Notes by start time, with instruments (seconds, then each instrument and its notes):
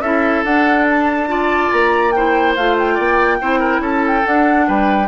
0.00 bassoon C#4, clarinet E4, oboe A4, flute E5
0.44 bassoon D4, clarinet D4, flute F#5
0.90 flute A5
1.27 clarinet F4, oboe D5
1.72 bassoon A#3, flute A#5
2.11 clarinet E4, oboe C5, flute G5
2.56 bassoon A3, clarinet F4, flute F5
2.77 flute G5
2.94 bassoon A#3, oboe D5
3.40 bassoon C4, clarinet E4, oboe C5
3.59 oboe A#4
3.79 bassoon C#4, oboe A4, flute A5
4.07 flute G5
4.23 clarinet D4, bassoon D4, flute F#5
4.67 bassoon G3, oboe B4, flute G5